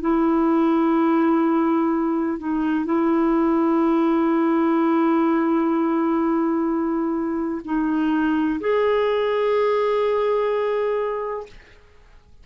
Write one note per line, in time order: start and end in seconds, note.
0.00 2.38 E4
2.38 2.85 D#4
2.85 7.61 E4
7.64 8.59 D#4
8.60 11.45 G#4